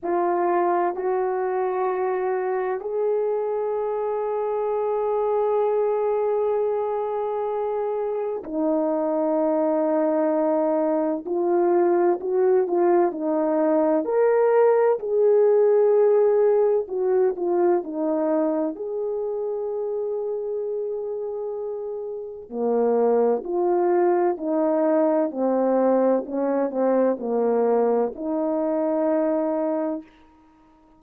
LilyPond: \new Staff \with { instrumentName = "horn" } { \time 4/4 \tempo 4 = 64 f'4 fis'2 gis'4~ | gis'1~ | gis'4 dis'2. | f'4 fis'8 f'8 dis'4 ais'4 |
gis'2 fis'8 f'8 dis'4 | gis'1 | ais4 f'4 dis'4 c'4 | cis'8 c'8 ais4 dis'2 | }